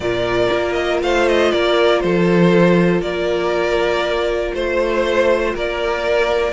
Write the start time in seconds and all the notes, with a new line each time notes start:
0.00 A#2 F4 A#4 D5
0.51 A#3
0.72 D#5
1.02 A3 C5 F5
1.28 D#5
1.51 A#3 A#4 D5
2.00 F3 A4 C5
3.01 A#3 A#4 D5
4.54 A3 C5
5.54 A#3 A#4 D5